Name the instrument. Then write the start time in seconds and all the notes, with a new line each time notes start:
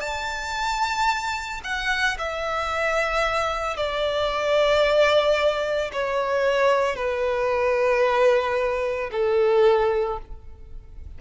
violin
0.00 A5
1.64 F#5
2.18 E5
3.76 D5
5.92 C#5
6.96 B4
9.11 A4